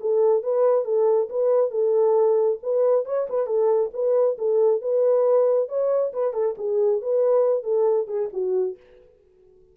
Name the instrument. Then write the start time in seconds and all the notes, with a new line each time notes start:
horn
0.00 A4
0.43 B4
0.85 A4
1.29 B4
1.70 A4
2.62 B4
3.05 C#5
3.29 B4
3.47 A4
3.93 B4
4.38 A4
4.81 B4
5.68 C#5
6.13 B4
6.33 A4
6.58 G#4
7.01 B4
7.63 A4
8.07 G#4
8.33 F#4